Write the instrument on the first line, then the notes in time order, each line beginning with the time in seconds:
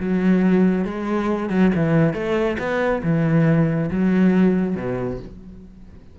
cello
0.00 F#3
0.85 G#3
1.50 F#3
1.75 E3
2.14 A3
2.59 B3
3.03 E3
3.91 F#3
4.76 B2